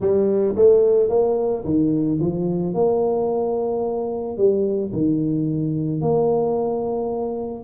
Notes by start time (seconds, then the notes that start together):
0.00 G3
0.55 A3
1.09 A#3
1.64 D#3
2.20 F3
2.73 A#3
4.37 G3
4.92 D#3
6.01 A#3